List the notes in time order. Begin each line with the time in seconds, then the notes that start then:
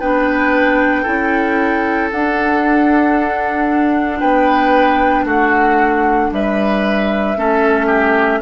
0.00 B3 D4 B4 G5
1.03 C#4 E4 A4
2.11 D4 F#5
4.20 B3 B4 G5
5.25 A3 F#4 F#5
6.32 G3 B4 E5
7.37 A3 C#4 A4
7.87 G4